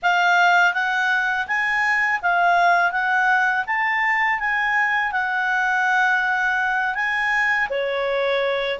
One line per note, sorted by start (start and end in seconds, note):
0.02 0.73 F5
0.73 1.46 F#5
1.47 2.20 G#5
2.22 2.91 F5
2.91 3.64 F#5
3.66 4.39 A5
4.39 5.12 G#5
5.12 6.94 F#5
6.94 7.68 G#5
7.69 8.79 C#5